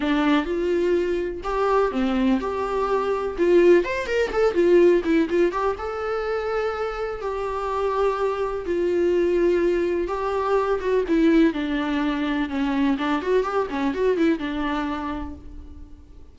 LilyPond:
\new Staff \with { instrumentName = "viola" } { \time 4/4 \tempo 4 = 125 d'4 f'2 g'4 | c'4 g'2 f'4 | c''8 ais'8 a'8 f'4 e'8 f'8 g'8 | a'2. g'4~ |
g'2 f'2~ | f'4 g'4. fis'8 e'4 | d'2 cis'4 d'8 fis'8 | g'8 cis'8 fis'8 e'8 d'2 | }